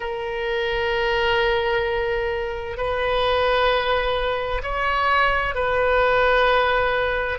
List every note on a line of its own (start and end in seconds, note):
0.00 2.77 A#4
2.77 4.62 B4
4.62 5.54 C#5
5.54 7.38 B4